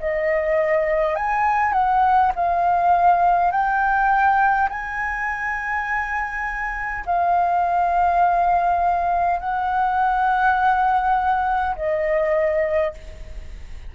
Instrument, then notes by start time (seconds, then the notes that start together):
flute
0.00 D#5
1.16 G#5
1.73 F#5
2.35 F5
3.51 G5
4.70 G#5
7.06 F5
9.40 F#5
11.76 D#5